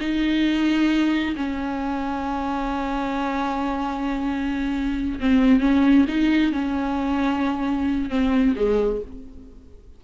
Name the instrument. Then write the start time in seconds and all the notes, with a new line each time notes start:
viola
0.00 D#4
1.36 C#4
5.20 C4
5.61 C#4
6.08 D#4
6.52 C#4
8.10 C4
8.56 G#3